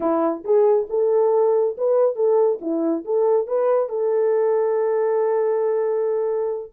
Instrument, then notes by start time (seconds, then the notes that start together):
horn
0.00 E4
0.44 G#4
0.89 A4
1.77 B4
2.15 A4
2.61 E4
3.05 A4
3.47 B4
3.89 A4